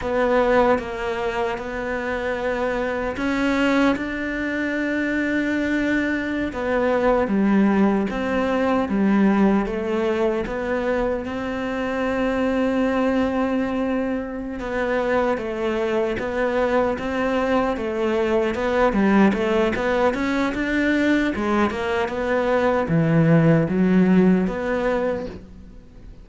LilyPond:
\new Staff \with { instrumentName = "cello" } { \time 4/4 \tempo 4 = 76 b4 ais4 b2 | cis'4 d'2.~ | d'16 b4 g4 c'4 g8.~ | g16 a4 b4 c'4.~ c'16~ |
c'2~ c'8 b4 a8~ | a8 b4 c'4 a4 b8 | g8 a8 b8 cis'8 d'4 gis8 ais8 | b4 e4 fis4 b4 | }